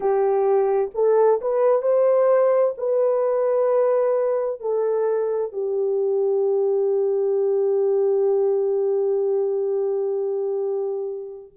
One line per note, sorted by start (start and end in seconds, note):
0.00 0.90 G4
0.94 1.40 A4
1.41 1.82 B4
1.82 2.74 C5
2.77 4.60 B4
4.60 5.52 A4
5.52 11.52 G4